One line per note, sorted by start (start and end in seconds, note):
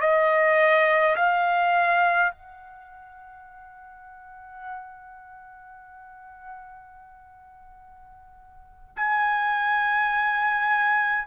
0.00 1.15 D#5
1.16 2.31 F5
2.31 8.95 F#5
8.96 11.26 G#5